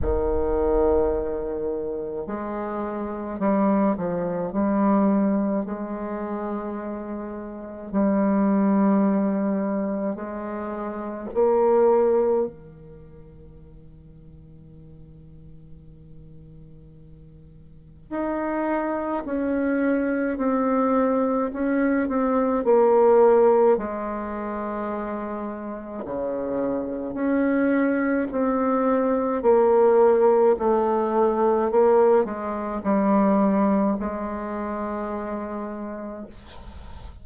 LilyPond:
\new Staff \with { instrumentName = "bassoon" } { \time 4/4 \tempo 4 = 53 dis2 gis4 g8 f8 | g4 gis2 g4~ | g4 gis4 ais4 dis4~ | dis1 |
dis'4 cis'4 c'4 cis'8 c'8 | ais4 gis2 cis4 | cis'4 c'4 ais4 a4 | ais8 gis8 g4 gis2 | }